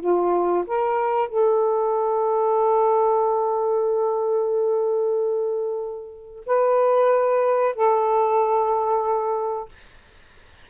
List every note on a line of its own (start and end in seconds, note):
0.00 0.65 F4
0.67 1.29 A#4
1.29 6.45 A4
6.46 7.75 B4
7.75 9.69 A4